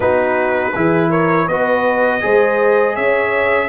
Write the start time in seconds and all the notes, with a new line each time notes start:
0.00 B3 D#4 F#4 B4
0.75 E3 E4 G#4
1.09 A#4 C#5
1.47 B3 F#4 B4 D#5
2.21 G#3 G#4 C5
2.95 C#4 C#5 E5